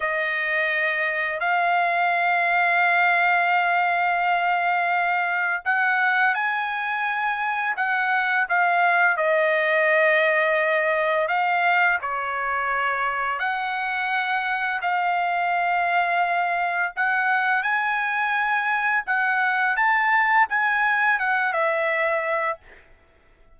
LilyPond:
\new Staff \with { instrumentName = "trumpet" } { \time 4/4 \tempo 4 = 85 dis''2 f''2~ | f''1 | fis''4 gis''2 fis''4 | f''4 dis''2. |
f''4 cis''2 fis''4~ | fis''4 f''2. | fis''4 gis''2 fis''4 | a''4 gis''4 fis''8 e''4. | }